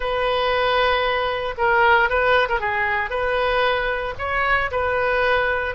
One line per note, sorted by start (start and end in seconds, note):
0.00 1.54 B4
1.57 2.09 A#4
2.09 2.48 B4
2.49 2.59 A#4
2.59 3.10 G#4
3.10 4.14 B4
4.18 4.70 C#5
4.71 5.75 B4